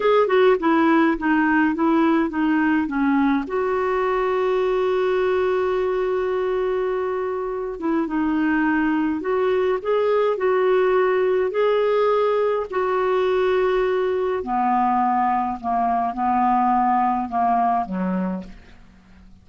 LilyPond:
\new Staff \with { instrumentName = "clarinet" } { \time 4/4 \tempo 4 = 104 gis'8 fis'8 e'4 dis'4 e'4 | dis'4 cis'4 fis'2~ | fis'1~ | fis'4. e'8 dis'2 |
fis'4 gis'4 fis'2 | gis'2 fis'2~ | fis'4 b2 ais4 | b2 ais4 fis4 | }